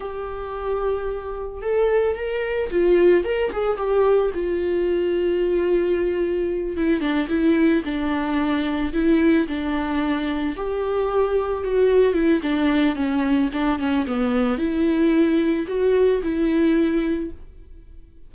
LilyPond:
\new Staff \with { instrumentName = "viola" } { \time 4/4 \tempo 4 = 111 g'2. a'4 | ais'4 f'4 ais'8 gis'8 g'4 | f'1~ | f'8 e'8 d'8 e'4 d'4.~ |
d'8 e'4 d'2 g'8~ | g'4. fis'4 e'8 d'4 | cis'4 d'8 cis'8 b4 e'4~ | e'4 fis'4 e'2 | }